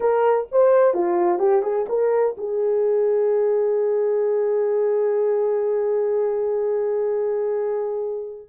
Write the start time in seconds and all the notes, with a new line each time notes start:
0.00 A#4
0.51 C5
0.94 F4
1.38 G4
1.62 G#4
1.88 A#4
2.37 G#4